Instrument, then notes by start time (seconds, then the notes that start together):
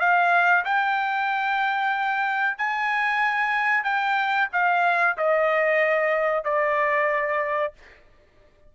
trumpet
0.00 F5
0.65 G5
2.58 G#5
3.84 G5
4.53 F5
5.18 D#5
6.45 D5